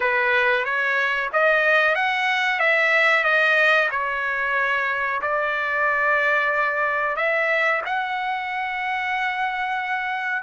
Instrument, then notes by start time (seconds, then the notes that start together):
trumpet
0.00 B4
0.64 C#5
1.32 D#5
1.95 F#5
2.59 E5
3.24 D#5
3.90 C#5
5.21 D5
7.16 E5
7.85 F#5